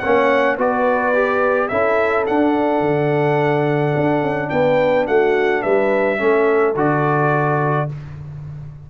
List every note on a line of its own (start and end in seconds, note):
0.00 0.58 A#3
0.00 0.58 C#4
0.00 0.57 C#5
0.00 0.56 F#5
0.58 1.70 B3
0.58 1.14 F#4
0.58 1.70 B4
0.58 1.68 D5
1.14 1.70 G4
1.68 2.27 C#4
1.68 2.27 E4
1.68 4.50 A4
1.68 2.24 E5
2.27 6.18 D4
2.27 2.81 D4
2.27 4.50 F#5
2.81 3.93 D3
3.96 4.22 D4
4.22 4.50 C#4
4.50 5.08 B3
4.50 5.07 B4
4.50 5.06 G5
5.07 5.64 A3
5.07 5.62 F#4
5.07 5.62 F#5
5.62 6.21 G3
5.62 6.18 B4
5.62 6.74 E5
6.18 6.75 A3
6.18 6.74 C#4
6.18 7.88 A4
6.75 7.88 D3
6.75 7.89 F#4
6.75 7.91 D5